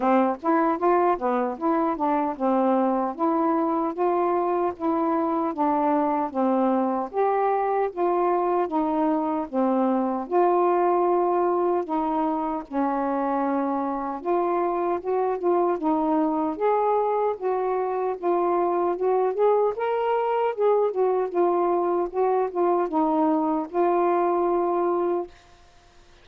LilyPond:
\new Staff \with { instrumentName = "saxophone" } { \time 4/4 \tempo 4 = 76 c'8 e'8 f'8 b8 e'8 d'8 c'4 | e'4 f'4 e'4 d'4 | c'4 g'4 f'4 dis'4 | c'4 f'2 dis'4 |
cis'2 f'4 fis'8 f'8 | dis'4 gis'4 fis'4 f'4 | fis'8 gis'8 ais'4 gis'8 fis'8 f'4 | fis'8 f'8 dis'4 f'2 | }